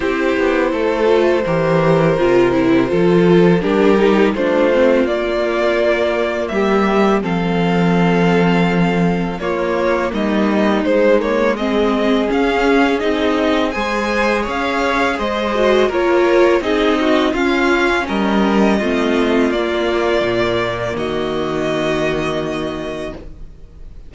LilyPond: <<
  \new Staff \with { instrumentName = "violin" } { \time 4/4 \tempo 4 = 83 c''1~ | c''4 ais'4 c''4 d''4~ | d''4 e''4 f''2~ | f''4 cis''4 dis''4 c''8 cis''8 |
dis''4 f''4 dis''4 gis''4 | f''4 dis''4 cis''4 dis''4 | f''4 dis''2 d''4~ | d''4 dis''2. | }
  \new Staff \with { instrumentName = "violin" } { \time 4/4 g'4 a'4 ais'2 | a'4 g'4 f'2~ | f'4 g'4 a'2~ | a'4 f'4 dis'2 |
gis'2. c''4 | cis''4 c''4 ais'4 gis'8 fis'8 | f'4 ais'4 f'2~ | f'4 fis'2. | }
  \new Staff \with { instrumentName = "viola" } { \time 4/4 e'4. f'8 g'4 f'8 e'8 | f'4 d'8 dis'8 d'8 c'8 ais4~ | ais2 c'2~ | c'4 ais2 gis8 ais8 |
c'4 cis'4 dis'4 gis'4~ | gis'4. fis'8 f'4 dis'4 | cis'2 c'4 ais4~ | ais1 | }
  \new Staff \with { instrumentName = "cello" } { \time 4/4 c'8 b8 a4 e4 c4 | f4 g4 a4 ais4~ | ais4 g4 f2~ | f4 ais4 g4 gis4~ |
gis4 cis'4 c'4 gis4 | cis'4 gis4 ais4 c'4 | cis'4 g4 a4 ais4 | ais,4 dis2. | }
>>